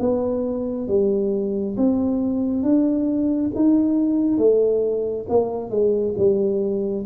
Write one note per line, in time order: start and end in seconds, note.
0.00 0.88 B3
0.88 1.76 G3
1.78 2.64 C4
2.64 3.52 D4
3.55 4.38 D#4
4.38 5.27 A3
5.29 5.71 A#3
5.71 6.15 G#3
6.18 7.06 G3